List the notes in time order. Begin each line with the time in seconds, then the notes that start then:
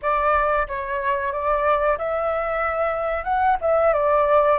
0.02 D5
0.67 C#5
1.32 D5
1.97 E5
3.24 F#5
3.61 E5
3.93 D5